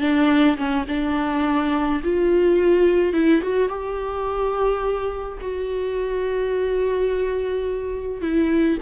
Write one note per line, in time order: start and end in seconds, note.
0.00 0.57 D4
0.57 0.85 C#4
0.88 2.01 D4
2.03 3.13 F4
3.13 3.41 E4
3.42 3.68 F#4
3.68 5.38 G4
5.41 8.21 F#4
8.21 8.78 E4